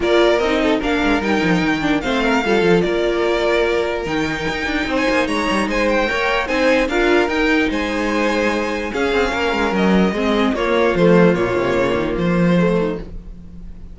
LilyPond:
<<
  \new Staff \with { instrumentName = "violin" } { \time 4/4 \tempo 4 = 148 d''4 dis''4 f''4 g''4~ | g''4 f''2 d''4~ | d''2 g''2~ | g''16 gis''8. ais''4 gis''8 g''4. |
gis''4 f''4 g''4 gis''4~ | gis''2 f''2 | dis''2 cis''4 c''4 | cis''2 c''2 | }
  \new Staff \with { instrumentName = "violin" } { \time 4/4 ais'4. a'8 ais'2~ | ais'4 c''8 ais'8 a'4 ais'4~ | ais'1 | c''4 cis''4 c''4 cis''4 |
c''4 ais'2 c''4~ | c''2 gis'4 ais'4~ | ais'4 gis'4 f'2~ | f'2.~ f'8 dis'8 | }
  \new Staff \with { instrumentName = "viola" } { \time 4/4 f'4 dis'4 d'4 dis'4~ | dis'8 d'8 c'4 f'2~ | f'2 dis'2~ | dis'2. ais'4 |
dis'4 f'4 dis'2~ | dis'2 cis'2~ | cis'4 c'4 ais4 a4 | ais2. a4 | }
  \new Staff \with { instrumentName = "cello" } { \time 4/4 ais4 c'4 ais8 gis8 g8 f8 | dis4 a4 g8 f8 ais4~ | ais2 dis4 dis'8 d'8 | c'8 ais8 gis8 g8 gis4 ais4 |
c'4 d'4 dis'4 gis4~ | gis2 cis'8 c'8 ais8 gis8 | fis4 gis4 ais4 f4 | ais,8 c8 cis8 dis8 f2 | }
>>